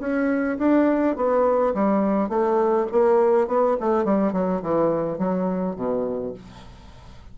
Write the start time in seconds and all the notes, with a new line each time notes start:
0.00 C#4
0.58 D4
1.16 B3
1.74 G3
2.29 A3
2.92 A#3
3.48 B3
3.81 A3
4.05 G3
4.33 F#3
4.63 E3
5.18 F#3
5.76 B2